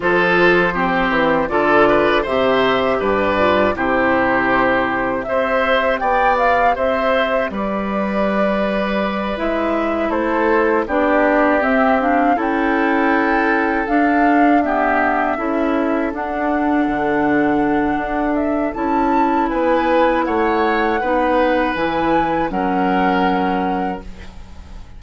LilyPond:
<<
  \new Staff \with { instrumentName = "flute" } { \time 4/4 \tempo 4 = 80 c''2 d''4 e''4 | d''4 c''2 e''4 | g''8 f''8 e''4 d''2~ | d''8 e''4 c''4 d''4 e''8 |
f''8 g''2 f''4 e''8~ | e''4. fis''2~ fis''8~ | fis''8 e''8 a''4 gis''4 fis''4~ | fis''4 gis''4 fis''2 | }
  \new Staff \with { instrumentName = "oboe" } { \time 4/4 a'4 g'4 a'8 b'8 c''4 | b'4 g'2 c''4 | d''4 c''4 b'2~ | b'4. a'4 g'4.~ |
g'8 a'2. g'8~ | g'8 a'2.~ a'8~ | a'2 b'4 cis''4 | b'2 ais'2 | }
  \new Staff \with { instrumentName = "clarinet" } { \time 4/4 f'4 c'4 f'4 g'4~ | g'8 f'8 e'2 g'4~ | g'1~ | g'8 e'2 d'4 c'8 |
d'8 e'2 d'4 b8~ | b8 e'4 d'2~ d'8~ | d'4 e'2. | dis'4 e'4 cis'2 | }
  \new Staff \with { instrumentName = "bassoon" } { \time 4/4 f4. e8 d4 c4 | g,4 c2 c'4 | b4 c'4 g2~ | g8 gis4 a4 b4 c'8~ |
c'8 cis'2 d'4.~ | d'8 cis'4 d'4 d4. | d'4 cis'4 b4 a4 | b4 e4 fis2 | }
>>